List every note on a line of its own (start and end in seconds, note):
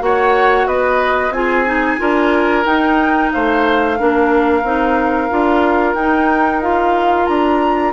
0.00 0.67 A#3
0.00 1.32 F#4
0.00 0.68 C#5
0.00 0.68 F#5
0.67 1.31 B3
0.67 1.34 B4
0.67 1.33 D#5
1.31 1.97 C4
1.31 1.66 F4
1.31 2.01 G#4
1.31 2.65 G#5
1.66 1.98 D#4
1.98 2.66 D4
1.98 2.64 F4
1.98 3.33 A#4
2.66 3.98 D#4
2.66 3.32 D#4
2.66 3.31 G5
3.33 4.01 A3
3.33 3.99 C5
3.33 5.95 F5
3.98 4.64 A#3
3.98 4.64 D4
3.98 7.93 A#4
4.64 5.30 C4
4.64 5.30 D#4
5.30 5.95 D4
5.30 5.96 F4
5.95 7.27 D#4
5.95 6.62 D#4
5.95 6.61 G5
6.62 7.93 F4
6.62 7.27 F5
7.27 7.93 D4
7.27 7.93 A#5